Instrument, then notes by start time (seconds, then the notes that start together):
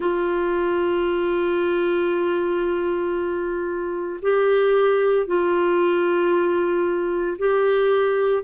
clarinet
0.00 F4
4.22 G4
5.26 F4
7.38 G4